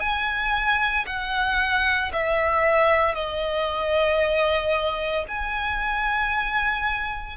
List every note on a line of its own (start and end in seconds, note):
0.00 1.05 G#5
1.06 2.11 F#5
2.12 3.14 E5
3.14 5.25 D#5
5.28 7.37 G#5